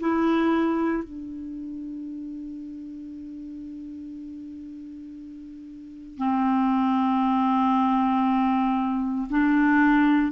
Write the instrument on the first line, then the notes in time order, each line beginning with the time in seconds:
clarinet
0.00 E4
1.03 D4
6.18 C4
9.30 D4